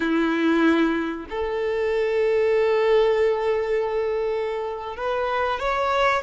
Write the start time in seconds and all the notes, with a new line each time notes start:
0.00 E4
1.29 A4
4.96 B4
5.59 C#5